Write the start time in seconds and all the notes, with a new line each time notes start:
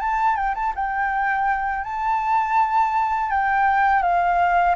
0.00 A5
0.36 G5
0.55 A5
0.75 G5
1.84 A5
3.30 G5
4.02 F5